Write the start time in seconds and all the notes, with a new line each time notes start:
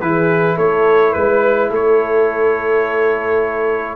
0.00 E3 E4 G#4 B4
0.55 A3 A4 C#5
1.11 G#3 B4
1.70 A3 A4 C#5